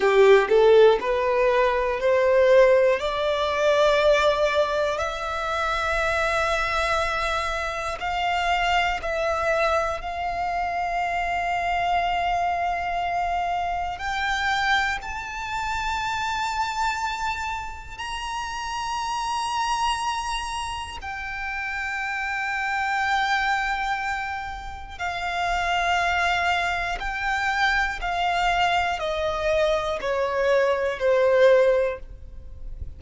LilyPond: \new Staff \with { instrumentName = "violin" } { \time 4/4 \tempo 4 = 60 g'8 a'8 b'4 c''4 d''4~ | d''4 e''2. | f''4 e''4 f''2~ | f''2 g''4 a''4~ |
a''2 ais''2~ | ais''4 g''2.~ | g''4 f''2 g''4 | f''4 dis''4 cis''4 c''4 | }